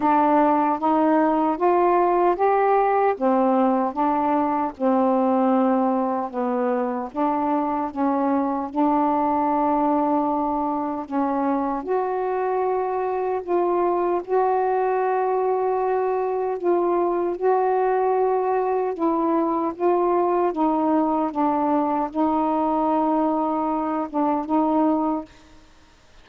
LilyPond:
\new Staff \with { instrumentName = "saxophone" } { \time 4/4 \tempo 4 = 76 d'4 dis'4 f'4 g'4 | c'4 d'4 c'2 | b4 d'4 cis'4 d'4~ | d'2 cis'4 fis'4~ |
fis'4 f'4 fis'2~ | fis'4 f'4 fis'2 | e'4 f'4 dis'4 d'4 | dis'2~ dis'8 d'8 dis'4 | }